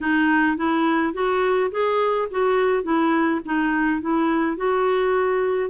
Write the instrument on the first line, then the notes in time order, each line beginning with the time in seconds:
clarinet
0.00 D#4
0.57 E4
1.13 F#4
1.71 G#4
2.30 F#4
2.83 E4
3.45 D#4
4.01 E4
4.56 F#4